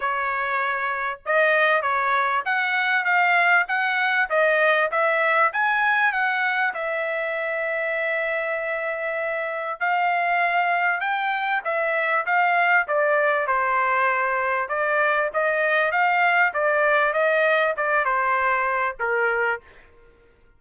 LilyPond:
\new Staff \with { instrumentName = "trumpet" } { \time 4/4 \tempo 4 = 98 cis''2 dis''4 cis''4 | fis''4 f''4 fis''4 dis''4 | e''4 gis''4 fis''4 e''4~ | e''1 |
f''2 g''4 e''4 | f''4 d''4 c''2 | d''4 dis''4 f''4 d''4 | dis''4 d''8 c''4. ais'4 | }